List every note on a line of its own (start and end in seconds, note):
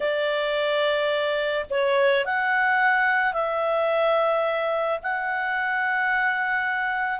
0.00 1.66 D5
1.69 2.25 C#5
2.25 3.33 F#5
3.33 4.99 E5
5.02 7.19 F#5